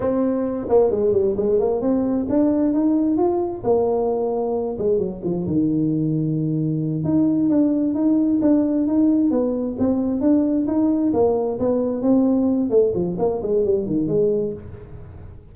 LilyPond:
\new Staff \with { instrumentName = "tuba" } { \time 4/4 \tempo 4 = 132 c'4. ais8 gis8 g8 gis8 ais8 | c'4 d'4 dis'4 f'4 | ais2~ ais8 gis8 fis8 f8 | dis2.~ dis8 dis'8~ |
dis'8 d'4 dis'4 d'4 dis'8~ | dis'8 b4 c'4 d'4 dis'8~ | dis'8 ais4 b4 c'4. | a8 f8 ais8 gis8 g8 dis8 gis4 | }